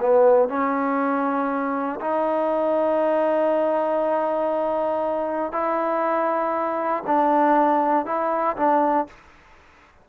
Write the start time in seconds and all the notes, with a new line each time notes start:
0.00 B3
0.48 C#4
2.00 D#4
5.52 E4
7.06 D4
8.06 E4
8.56 D4